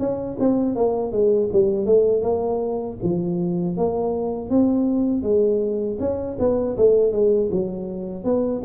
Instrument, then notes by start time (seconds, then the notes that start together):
tuba
0.00 C#4
0.40 C4
0.76 A#3
1.12 G#3
1.53 G3
1.86 A3
2.23 A#3
3.03 F3
3.77 A#3
4.50 C4
5.23 G#3
6.00 C#4
6.39 B3
6.77 A3
7.13 G#3
7.52 F#3
8.25 B3